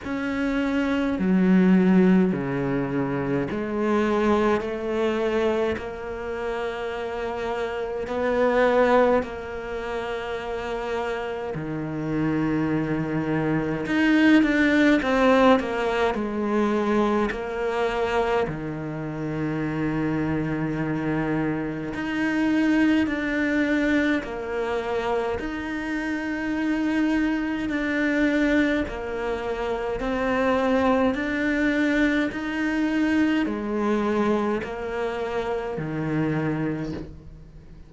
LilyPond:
\new Staff \with { instrumentName = "cello" } { \time 4/4 \tempo 4 = 52 cis'4 fis4 cis4 gis4 | a4 ais2 b4 | ais2 dis2 | dis'8 d'8 c'8 ais8 gis4 ais4 |
dis2. dis'4 | d'4 ais4 dis'2 | d'4 ais4 c'4 d'4 | dis'4 gis4 ais4 dis4 | }